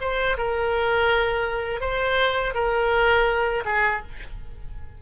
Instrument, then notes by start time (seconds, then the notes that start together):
oboe
0.00 C5
0.37 A#4
1.80 C5
2.54 A#4
3.65 G#4